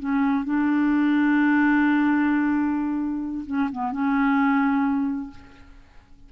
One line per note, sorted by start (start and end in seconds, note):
0.00 0.45 C#4
0.45 3.45 D4
3.47 3.70 C#4
3.72 3.92 B3
3.92 5.31 C#4